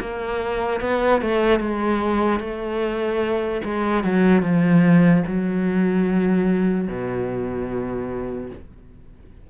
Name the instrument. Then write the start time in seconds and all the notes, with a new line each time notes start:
cello
0.00 A#3
0.81 B3
1.21 A3
1.60 G#3
2.40 A3
3.64 G#3
4.04 F#3
4.42 F3
5.27 F#3
6.88 B2